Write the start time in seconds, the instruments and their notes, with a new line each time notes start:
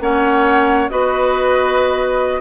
0.00 bassoon A#3, clarinet C#4, oboe C#5, flute F#5
0.89 bassoon B3, clarinet F#4, oboe B4, flute D#5